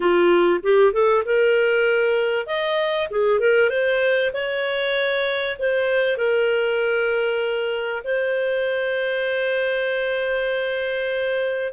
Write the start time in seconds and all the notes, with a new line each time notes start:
0.00 F4
0.62 G4
0.92 A4
1.25 A#4
2.46 D#5
3.10 G#4
3.39 A#4
3.69 C5
4.33 C#5
5.58 C5
6.17 A#4
8.04 C5